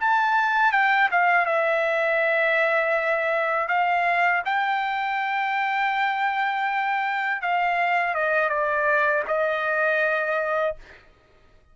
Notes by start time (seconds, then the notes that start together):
0.00 A5
0.72 G5
1.11 F5
1.46 E5
3.68 F5
4.45 G5
7.42 F5
8.14 D#5
8.49 D5
9.28 D#5